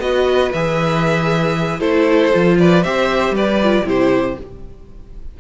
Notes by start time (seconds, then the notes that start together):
0.00 B3 F#4 B4 D#5
0.53 E3 G#4 E5
1.80 A3 E4 A4 C5
2.33 F3 F4
2.59 B4 D5
2.84 C4 G4 C5 E5
3.31 G3 B4 D5
3.64 F4
3.85 C3 E4 G4 C5